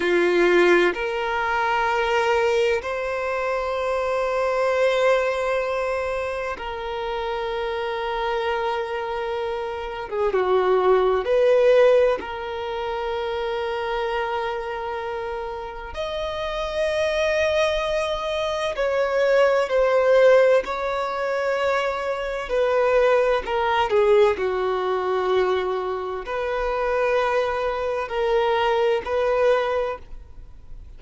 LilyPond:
\new Staff \with { instrumentName = "violin" } { \time 4/4 \tempo 4 = 64 f'4 ais'2 c''4~ | c''2. ais'4~ | ais'2~ ais'8. gis'16 fis'4 | b'4 ais'2.~ |
ais'4 dis''2. | cis''4 c''4 cis''2 | b'4 ais'8 gis'8 fis'2 | b'2 ais'4 b'4 | }